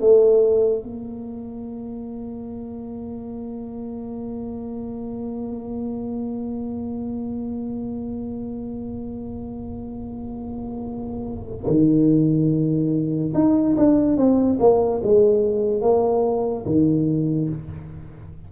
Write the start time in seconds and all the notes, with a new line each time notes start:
0.00 A3
0.83 A#3
11.67 D#3
13.34 D#4
13.77 D4
14.17 C4
14.60 A#3
15.03 G#3
15.81 A#3
16.66 D#3